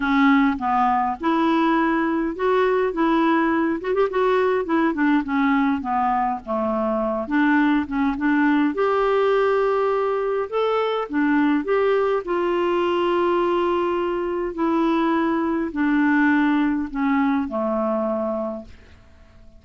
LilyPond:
\new Staff \with { instrumentName = "clarinet" } { \time 4/4 \tempo 4 = 103 cis'4 b4 e'2 | fis'4 e'4. fis'16 g'16 fis'4 | e'8 d'8 cis'4 b4 a4~ | a8 d'4 cis'8 d'4 g'4~ |
g'2 a'4 d'4 | g'4 f'2.~ | f'4 e'2 d'4~ | d'4 cis'4 a2 | }